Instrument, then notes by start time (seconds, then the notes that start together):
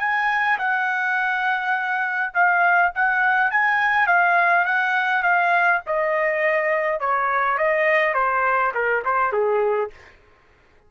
trumpet
0.00 G#5
0.59 F#5
2.35 F5
2.95 F#5
3.51 G#5
4.07 F5
4.65 F#5
5.23 F5
5.87 D#5
7.00 C#5
7.58 D#5
8.14 C5
8.75 A#4
9.05 C5
9.33 G#4